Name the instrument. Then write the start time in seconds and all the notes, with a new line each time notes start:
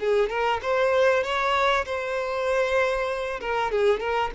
violin
0.00 G#4
0.30 A#4
0.62 C5
1.23 C#5
1.86 C5
3.41 A#4
3.72 G#4
4.00 A#4